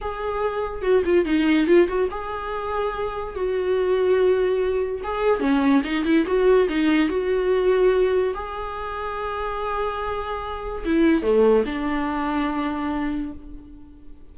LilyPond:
\new Staff \with { instrumentName = "viola" } { \time 4/4 \tempo 4 = 144 gis'2 fis'8 f'8 dis'4 | f'8 fis'8 gis'2. | fis'1 | gis'4 cis'4 dis'8 e'8 fis'4 |
dis'4 fis'2. | gis'1~ | gis'2 e'4 a4 | d'1 | }